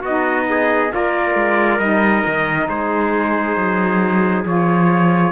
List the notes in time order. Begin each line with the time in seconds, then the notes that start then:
0.00 B3 F#4 D#5
0.07 D#4
0.50 G#4
0.90 A#3 F4 A#4 D5
1.35 G#3
1.80 G3 D#4 D#5
2.26 D#3
2.69 G#3 G#4 C5
3.57 F#3
4.46 F3 F4 C#5